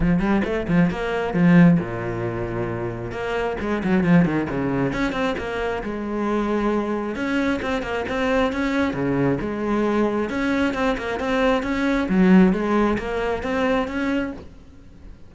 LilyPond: \new Staff \with { instrumentName = "cello" } { \time 4/4 \tempo 4 = 134 f8 g8 a8 f8 ais4 f4 | ais,2. ais4 | gis8 fis8 f8 dis8 cis4 cis'8 c'8 | ais4 gis2. |
cis'4 c'8 ais8 c'4 cis'4 | cis4 gis2 cis'4 | c'8 ais8 c'4 cis'4 fis4 | gis4 ais4 c'4 cis'4 | }